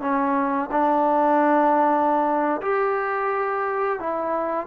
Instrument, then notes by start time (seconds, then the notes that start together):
trombone
0.00 C#4
0.71 D4
2.61 G4
3.99 E4